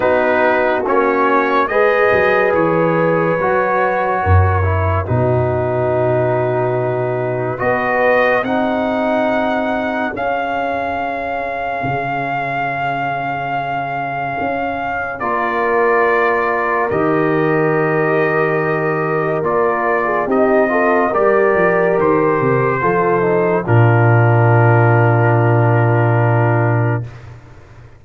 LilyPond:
<<
  \new Staff \with { instrumentName = "trumpet" } { \time 4/4 \tempo 4 = 71 b'4 cis''4 dis''4 cis''4~ | cis''2 b'2~ | b'4 dis''4 fis''2 | f''1~ |
f''2 d''2 | dis''2. d''4 | dis''4 d''4 c''2 | ais'1 | }
  \new Staff \with { instrumentName = "horn" } { \time 4/4 fis'2 b'2~ | b'4 ais'4 fis'2~ | fis'4 b'4 gis'2~ | gis'1~ |
gis'2 ais'2~ | ais'2.~ ais'8. gis'16 | g'8 a'8 ais'2 a'4 | f'1 | }
  \new Staff \with { instrumentName = "trombone" } { \time 4/4 dis'4 cis'4 gis'2 | fis'4. e'8 dis'2~ | dis'4 fis'4 dis'2 | cis'1~ |
cis'2 f'2 | g'2. f'4 | dis'8 f'8 g'2 f'8 dis'8 | d'1 | }
  \new Staff \with { instrumentName = "tuba" } { \time 4/4 b4 ais4 gis8 fis8 e4 | fis4 fis,4 b,2~ | b,4 b4 c'2 | cis'2 cis2~ |
cis4 cis'4 ais2 | dis2. ais4 | c'4 g8 f8 dis8 c8 f4 | ais,1 | }
>>